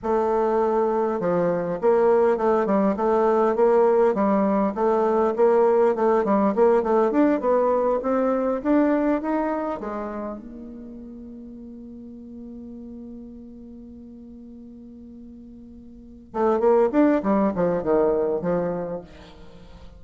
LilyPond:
\new Staff \with { instrumentName = "bassoon" } { \time 4/4 \tempo 4 = 101 a2 f4 ais4 | a8 g8 a4 ais4 g4 | a4 ais4 a8 g8 ais8 a8 | d'8 b4 c'4 d'4 dis'8~ |
dis'8 gis4 ais2~ ais8~ | ais1~ | ais2.~ ais8 a8 | ais8 d'8 g8 f8 dis4 f4 | }